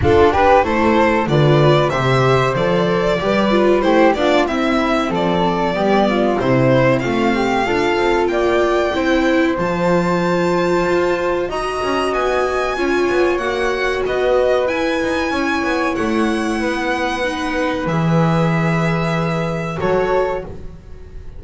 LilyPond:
<<
  \new Staff \with { instrumentName = "violin" } { \time 4/4 \tempo 4 = 94 a'8 b'8 c''4 d''4 e''4 | d''2 c''8 d''8 e''4 | d''2 c''4 f''4~ | f''4 g''2 a''4~ |
a''2 ais''4 gis''4~ | gis''4 fis''4 dis''4 gis''4~ | gis''4 fis''2. | e''2. cis''4 | }
  \new Staff \with { instrumentName = "flute" } { \time 4/4 f'8 g'8 a'4 b'4 c''4~ | c''4 b'4 g'8 f'8 e'4 | a'4 g'8 f'8 e'4 f'8 g'8 | a'4 d''4 c''2~ |
c''2 dis''2 | cis''2 b'2 | cis''2 b'2~ | b'2. a'4 | }
  \new Staff \with { instrumentName = "viola" } { \time 4/4 d'4 e'4 f'4 g'4 | a'4 g'8 f'8 e'8 d'8 c'4~ | c'4 b4 c'2 | f'2 e'4 f'4~ |
f'2 fis'2 | f'4 fis'2 e'4~ | e'2. dis'4 | gis'2. fis'4 | }
  \new Staff \with { instrumentName = "double bass" } { \time 4/4 d'4 a4 d4 c4 | f4 g4 a8 b8 c'4 | f4 g4 c4 a4 | d'8 c'8 ais4 c'4 f4~ |
f4 f'4 dis'8 cis'8 b4 | cis'8 b8 ais4 b4 e'8 dis'8 | cis'8 b8 a4 b2 | e2. fis4 | }
>>